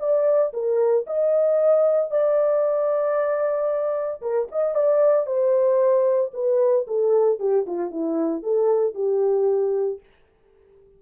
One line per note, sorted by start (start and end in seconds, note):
0.00 0.53 D5
0.53 1.06 A#4
1.07 2.11 D#5
2.11 4.22 D5
4.22 4.48 A#4
4.52 4.75 D#5
4.75 5.27 D5
5.27 6.32 C5
6.34 6.87 B4
6.88 7.39 A4
7.39 7.66 G4
7.67 7.91 F4
7.91 8.43 E4
8.43 8.95 A4
8.95 10.00 G4